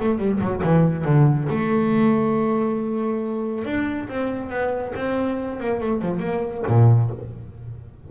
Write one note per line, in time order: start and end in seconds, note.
0.00 0.18 A3
0.18 0.40 G3
0.40 0.62 F#3
0.63 1.05 E3
1.05 1.48 D3
1.50 3.65 A3
3.65 4.08 D4
4.09 4.50 C4
4.50 4.93 B3
4.96 5.60 C4
5.60 5.80 A#3
5.80 6.02 A3
6.02 6.20 F3
6.20 6.63 A#3
6.67 7.10 A#2